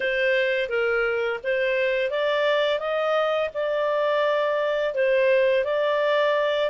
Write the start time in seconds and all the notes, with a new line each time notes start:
0.00 C5
0.69 A#4
1.43 C5
2.10 D5
2.79 D#5
3.54 D5
4.94 C5
5.64 D5